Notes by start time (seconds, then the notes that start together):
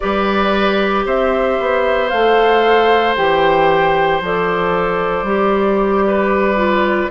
0.00 G3 G4 B4 D5
1.05 C4 C5 E5
1.59 B3
2.09 A3 F5
2.15 A4
3.16 E3 G4 G5
4.20 F3 A4 D5
5.23 G3 G4
6.06 B4
6.56 F4